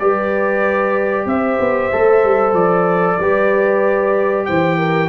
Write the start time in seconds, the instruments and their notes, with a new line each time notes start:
0.00 tuba G3, trombone G4, horn B4, trumpet D5
1.26 tuba C4, horn C5, trumpet E5
1.60 tuba B3
1.93 tuba A3, trombone A4
2.24 tuba G3
2.54 tuba F3, trumpet D5
3.20 tuba G3, trombone G4, horn B4
4.46 tuba E3, horn C5, trumpet G5
4.78 horn A#4